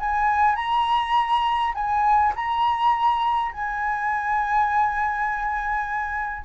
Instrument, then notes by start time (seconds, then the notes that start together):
flute
0.00 G#5
0.56 A#5
1.74 G#5
2.36 A#5
3.52 G#5